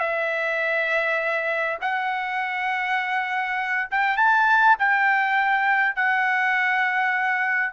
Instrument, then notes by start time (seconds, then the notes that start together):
trumpet
0.00 E5
1.81 F#5
3.91 G5
4.17 A5
4.79 G5
5.96 F#5